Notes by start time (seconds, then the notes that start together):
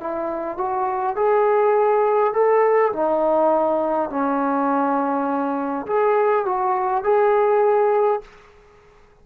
0.00 E4
0.57 F#4
1.16 G#4
2.33 A4
2.93 D#4
4.10 C#4
5.86 G#4
6.45 F#4
7.04 G#4